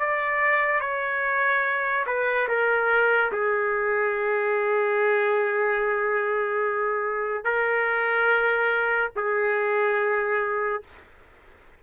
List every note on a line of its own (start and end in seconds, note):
0.00 0.81 D5
0.81 2.06 C#5
2.07 2.48 B4
2.49 3.32 A#4
3.32 7.45 G#4
7.45 9.11 A#4
9.16 10.83 G#4